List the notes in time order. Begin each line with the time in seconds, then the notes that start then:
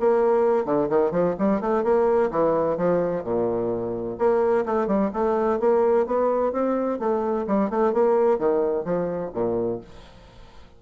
0.00 A#3
0.65 D3
0.89 D#3
1.11 F3
1.39 G3
1.61 A3
1.83 A#3
2.31 E3
2.77 F3
3.23 A#2
4.18 A#3
4.66 A3
4.87 G3
5.13 A3
5.60 A#3
6.07 B3
6.52 C4
6.99 A3
7.47 G3
7.70 A3
7.93 A#3
8.39 D#3
8.85 F3
9.34 A#2